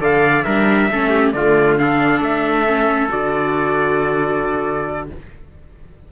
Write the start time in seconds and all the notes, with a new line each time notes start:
0.00 D3 A4 D5 F5
0.43 G3 D4 A#4 E5
0.90 A3 C#4 A4
1.09 G4
1.32 D3 A3 F4 D5
1.78 D4 A4 F5
2.20 A3 E5
2.66 C#4
3.08 D3 F#4 D5